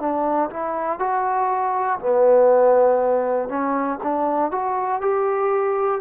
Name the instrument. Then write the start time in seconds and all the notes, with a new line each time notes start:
trombone
0.00 D4
0.50 E4
0.99 F#4
2.00 B3
3.49 C#4
4.03 D4
4.51 F#4
5.01 G4